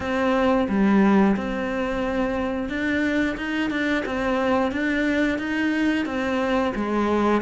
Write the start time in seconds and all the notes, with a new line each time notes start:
0.00 C4
0.68 G3
1.36 C4
2.69 D4
3.37 D#4
3.70 D4
4.05 C4
4.71 D4
5.38 D#4
6.05 C4
6.75 G#3